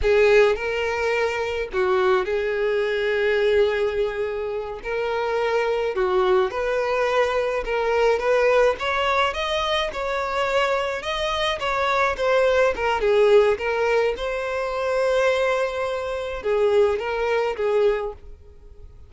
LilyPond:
\new Staff \with { instrumentName = "violin" } { \time 4/4 \tempo 4 = 106 gis'4 ais'2 fis'4 | gis'1~ | gis'8 ais'2 fis'4 b'8~ | b'4. ais'4 b'4 cis''8~ |
cis''8 dis''4 cis''2 dis''8~ | dis''8 cis''4 c''4 ais'8 gis'4 | ais'4 c''2.~ | c''4 gis'4 ais'4 gis'4 | }